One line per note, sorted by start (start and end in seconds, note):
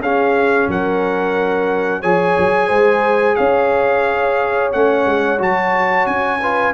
0.00 0.67 C#4
0.00 2.03 C#4
0.00 0.69 G#4
0.00 0.70 F5
0.68 2.03 F#3
0.68 2.01 A#4
0.68 2.02 F#5
2.01 2.37 F3
2.01 4.73 G#4
2.01 2.68 C#5
2.01 3.36 G#5
2.38 2.69 F#3
2.68 3.37 G#3
2.68 3.35 C5
3.36 4.74 C#4
3.36 6.40 C#5
3.36 4.71 F5
4.72 5.06 A3
4.72 5.38 C#4
4.72 5.40 F#5
5.06 5.39 G#3
5.38 6.06 F#3
5.38 6.39 F#4
5.38 6.06 A5
6.06 6.74 C#4
6.06 6.74 G#5
6.41 6.74 F4
6.41 6.74 B4